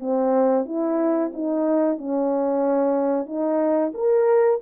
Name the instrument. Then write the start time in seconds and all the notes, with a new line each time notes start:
horn
0.00 C4
0.65 E4
1.33 D#4
1.98 C#4
3.26 D#4
3.94 A#4